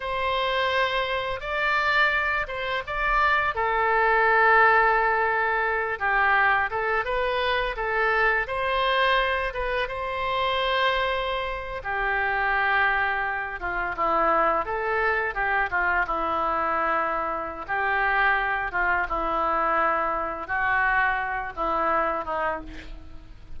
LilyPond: \new Staff \with { instrumentName = "oboe" } { \time 4/4 \tempo 4 = 85 c''2 d''4. c''8 | d''4 a'2.~ | a'8 g'4 a'8 b'4 a'4 | c''4. b'8 c''2~ |
c''8. g'2~ g'8 f'8 e'16~ | e'8. a'4 g'8 f'8 e'4~ e'16~ | e'4 g'4. f'8 e'4~ | e'4 fis'4. e'4 dis'8 | }